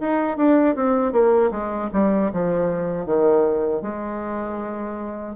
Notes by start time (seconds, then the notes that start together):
0.00 D#4
0.37 D4
0.75 C4
1.12 A#3
1.51 G#3
1.93 G3
2.32 F3
3.06 D#3
3.81 G#3